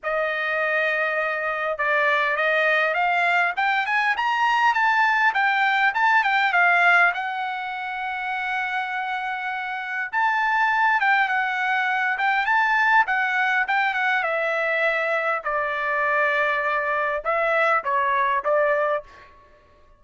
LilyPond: \new Staff \with { instrumentName = "trumpet" } { \time 4/4 \tempo 4 = 101 dis''2. d''4 | dis''4 f''4 g''8 gis''8 ais''4 | a''4 g''4 a''8 g''8 f''4 | fis''1~ |
fis''4 a''4. g''8 fis''4~ | fis''8 g''8 a''4 fis''4 g''8 fis''8 | e''2 d''2~ | d''4 e''4 cis''4 d''4 | }